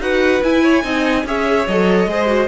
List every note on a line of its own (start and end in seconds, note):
0.00 0.41 D#4
0.00 0.42 F#4
0.00 0.63 B4
0.00 0.44 F#5
0.43 0.84 E4
0.43 0.83 E4
0.43 1.27 G#5
0.63 0.84 C#5
0.83 1.25 C4
0.83 1.25 D#4
0.83 1.26 D#5
1.26 1.67 C#4
1.26 1.68 G#4
1.26 2.10 C#5
1.26 1.68 E5
1.68 2.06 F#3
1.68 2.10 A4
1.68 2.48 D#5
2.06 2.48 G#3
2.06 2.27 G#4
2.06 2.48 C5
2.27 2.48 F#4